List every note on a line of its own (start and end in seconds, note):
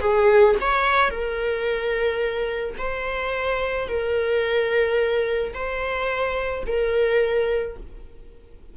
0.00 0.55 G#4
0.61 1.10 C#5
1.10 2.75 A#4
2.78 3.88 C5
3.88 5.53 A#4
5.53 6.63 C5
6.67 7.77 A#4